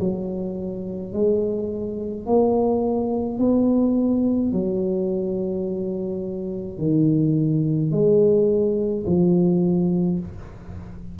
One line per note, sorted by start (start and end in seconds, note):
0.00 1.13 F#3
1.13 2.26 G#3
2.26 3.39 A#3
3.39 4.52 B3
4.52 6.79 F#3
6.79 7.92 D#3
7.92 9.05 G#3
9.06 10.19 F3